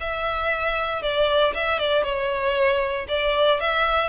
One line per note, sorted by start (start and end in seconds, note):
0.00 1.02 E5
1.02 1.54 D5
1.54 1.79 E5
1.79 2.03 D5
2.03 3.07 C#5
3.08 3.60 D5
3.60 4.09 E5